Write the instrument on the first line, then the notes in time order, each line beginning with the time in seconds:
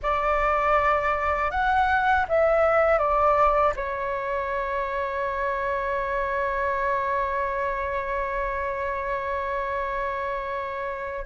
flute
0.02 D5
1.50 F#5
2.28 E5
2.98 D5
3.75 C#5